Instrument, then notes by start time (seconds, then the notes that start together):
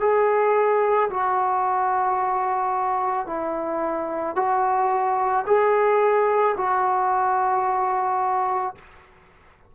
trombone
0.00 G#4
1.10 F#4
3.27 E4
4.36 F#4
5.46 G#4
6.57 F#4